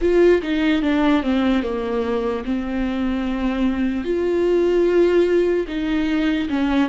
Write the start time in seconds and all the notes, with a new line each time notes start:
0.01 F4
0.42 D#4
0.82 D4
1.22 C4
1.62 A#3
2.45 C4
4.04 F4
5.67 D#4
6.49 C#4